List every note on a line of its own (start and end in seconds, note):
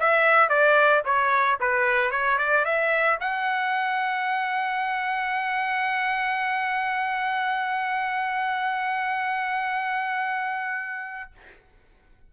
0.00 0.49 E5
0.49 1.03 D5
1.05 1.59 C#5
1.60 2.12 B4
2.12 2.39 C#5
2.39 2.65 D5
2.65 3.19 E5
3.21 11.31 F#5